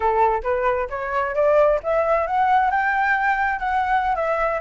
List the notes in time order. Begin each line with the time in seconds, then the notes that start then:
0.00 A4
0.43 B4
0.89 C#5
1.34 D5
1.83 E5
2.26 F#5
2.71 G5
3.59 F#5
4.15 E5